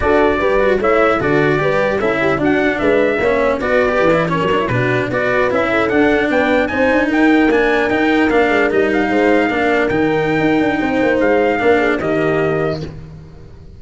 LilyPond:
<<
  \new Staff \with { instrumentName = "trumpet" } { \time 4/4 \tempo 4 = 150 d''2 e''4 d''4~ | d''4 e''4 fis''4 e''4~ | e''4 d''4.~ d''16 cis''4 b'16~ | b'8. d''4 e''4 fis''4 g''16~ |
g''8. gis''4 g''4 gis''4 g''16~ | g''8. f''4 dis''8 f''4.~ f''16~ | f''8. g''2.~ g''16 | f''2 dis''2 | }
  \new Staff \with { instrumentName = "horn" } { \time 4/4 a'4 b'4 cis''4 a'4 | b'4 a'8 g'8 fis'4 b'4 | cis''4 b'4.~ b'16 ais'4 fis'16~ | fis'8. b'4. a'4. b'16~ |
b'8. c''4 ais'2~ ais'16~ | ais'2~ ais'8. c''4 ais'16~ | ais'2. c''4~ | c''4 ais'8 gis'8 g'2 | }
  \new Staff \with { instrumentName = "cello" } { \time 4/4 fis'4 g'8 fis'8 e'4 fis'4 | g'4 e'4 d'2 | cis'4 fis'8. g'8 e'8 cis'8 d'16 e'16 d'16~ | d'8. fis'4 e'4 d'4~ d'16~ |
d'8. dis'2 d'4 dis'16~ | dis'8. d'4 dis'2 d'16~ | d'8. dis'2.~ dis'16~ | dis'4 d'4 ais2 | }
  \new Staff \with { instrumentName = "tuba" } { \time 4/4 d'4 g4 a4 d4 | g4 cis'4 d'4 gis4 | ais4 b4 e4 fis8. b,16~ | b,8. b4 cis'4 d'4 b16~ |
b8. c'8 d'8 dis'4 ais4 dis'16~ | dis'8. ais8 gis8 g4 gis4 ais16~ | ais8. dis4~ dis16 dis'8 d'8 c'8 ais8 | gis4 ais4 dis2 | }
>>